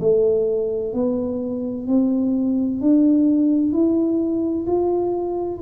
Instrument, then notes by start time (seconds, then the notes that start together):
tuba
0.00 A3
0.94 B3
1.87 C4
2.81 D4
3.72 E4
4.67 F4